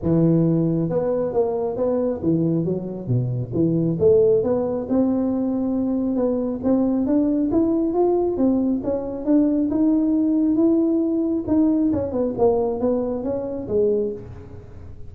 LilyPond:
\new Staff \with { instrumentName = "tuba" } { \time 4/4 \tempo 4 = 136 e2 b4 ais4 | b4 e4 fis4 b,4 | e4 a4 b4 c'4~ | c'2 b4 c'4 |
d'4 e'4 f'4 c'4 | cis'4 d'4 dis'2 | e'2 dis'4 cis'8 b8 | ais4 b4 cis'4 gis4 | }